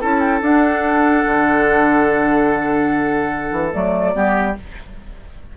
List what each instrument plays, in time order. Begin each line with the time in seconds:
0.00 bassoon C#4, clarinet E4, oboe A4, flute A5
0.19 flute G5
0.41 bassoon D4, clarinet D4, flute F#5
1.25 bassoon D3
3.51 bassoon E3
3.72 bassoon F#3, clarinet A3, flute D5
4.13 bassoon G3, clarinet B3, oboe G4